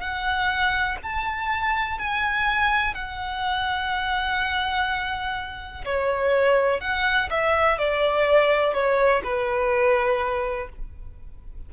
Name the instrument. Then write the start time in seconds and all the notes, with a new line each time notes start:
violin
0.00 F#5
1.02 A5
1.98 G#5
2.94 F#5
5.85 C#5
6.80 F#5
7.30 E5
7.78 D5
8.74 C#5
9.24 B4